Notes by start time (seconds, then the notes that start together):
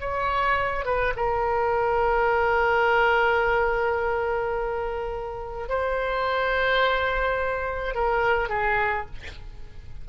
0.00 C#5
0.85 B4
1.16 A#4
5.68 C5
7.95 A#4
8.49 G#4